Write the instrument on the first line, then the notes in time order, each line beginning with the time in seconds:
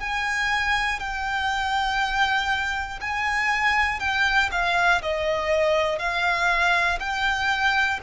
violin
0.00 G#5
1.00 G5
3.00 G#5
4.00 G5
4.52 F5
5.02 D#5
5.99 F5
7.00 G5